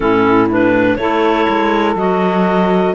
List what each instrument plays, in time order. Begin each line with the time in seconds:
0.00 cello A2, clarinet C#4 A4, saxophone E4
0.49 clarinet D4 B4
0.95 cello A3, clarinet E4 C#5, saxophone A4
1.49 cello G#3
1.95 cello F#3, clarinet F#4 D#5